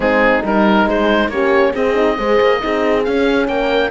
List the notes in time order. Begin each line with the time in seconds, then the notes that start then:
0.00 G#3 C4 D#4 G#4
0.44 G3 D#4 A#4
0.86 G#3 G#4 C5
1.28 A#3 C#4 G4 C#5
1.73 C4 G#4 D#5
1.94 D#4
2.17 G#3 G#4 C5
2.40 A#3
2.60 C4 D#4 G#4
3.03 C#4 F5
3.47 A#3 A#4 G5